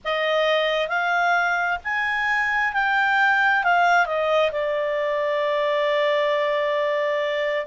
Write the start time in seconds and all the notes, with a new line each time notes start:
0.04 D#5
0.88 F5
1.84 G#5
2.73 G5
3.63 F5
4.05 D#5
4.51 D5